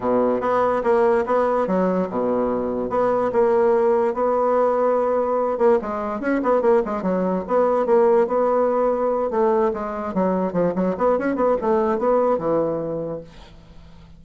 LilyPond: \new Staff \with { instrumentName = "bassoon" } { \time 4/4 \tempo 4 = 145 b,4 b4 ais4 b4 | fis4 b,2 b4 | ais2 b2~ | b4. ais8 gis4 cis'8 b8 |
ais8 gis8 fis4 b4 ais4 | b2~ b8 a4 gis8~ | gis8 fis4 f8 fis8 b8 cis'8 b8 | a4 b4 e2 | }